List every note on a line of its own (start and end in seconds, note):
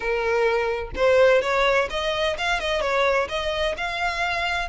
0.00 0.90 A#4
0.95 1.41 C5
1.41 1.88 C#5
1.90 2.37 D#5
2.38 2.60 F5
2.60 2.81 D#5
2.81 3.27 C#5
3.28 3.75 D#5
3.77 4.69 F5